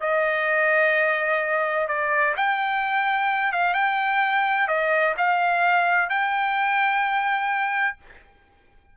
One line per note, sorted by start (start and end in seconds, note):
0.00 1.87 D#5
1.87 2.34 D5
2.36 3.52 G5
3.52 3.74 F5
3.74 4.67 G5
4.67 5.14 D#5
5.17 6.09 F5
6.09 7.97 G5